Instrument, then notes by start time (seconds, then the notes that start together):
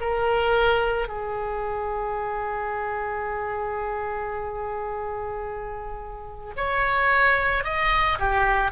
oboe
0.00 A#4
1.08 G#4
6.57 C#5
7.64 D#5
8.19 G4